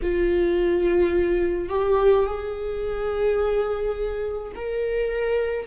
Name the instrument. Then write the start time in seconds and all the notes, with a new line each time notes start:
viola
0.02 F4
1.69 G4
2.25 G#4
4.55 A#4